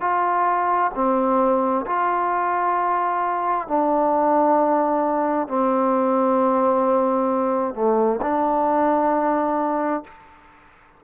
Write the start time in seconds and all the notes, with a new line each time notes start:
0.00 F4
0.94 C4
1.86 F4
3.67 D4
5.48 C4
7.74 A3
8.21 D4